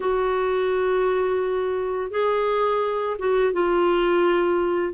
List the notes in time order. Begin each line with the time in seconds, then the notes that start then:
0.00 F#4
2.10 G#4
3.18 F#4
3.53 F4